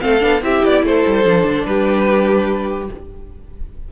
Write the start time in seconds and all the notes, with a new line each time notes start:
0.00 A3 C4 A4 F5
0.20 B3 D4
0.41 C4 E4 G4 E5
0.65 B3 D5
0.83 A3 A4 C5
1.07 G3
1.25 F3 D4
1.44 D3
1.65 G3 G4 B4